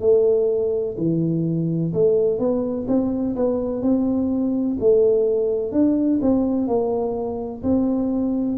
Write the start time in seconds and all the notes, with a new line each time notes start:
0.00 A3
0.97 E3
1.93 A3
2.39 B3
2.88 C4
3.35 B3
3.82 C4
4.80 A3
5.72 D4
6.22 C4
6.67 A#3
7.63 C4